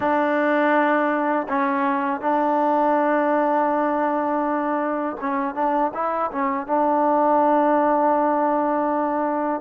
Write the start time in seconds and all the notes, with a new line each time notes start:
0.00 D4
1.48 C#4
2.20 D4
5.20 C#4
5.54 D4
5.94 E4
6.31 C#4
6.66 D4